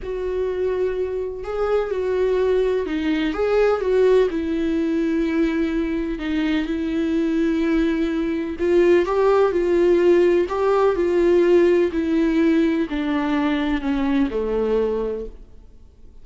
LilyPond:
\new Staff \with { instrumentName = "viola" } { \time 4/4 \tempo 4 = 126 fis'2. gis'4 | fis'2 dis'4 gis'4 | fis'4 e'2.~ | e'4 dis'4 e'2~ |
e'2 f'4 g'4 | f'2 g'4 f'4~ | f'4 e'2 d'4~ | d'4 cis'4 a2 | }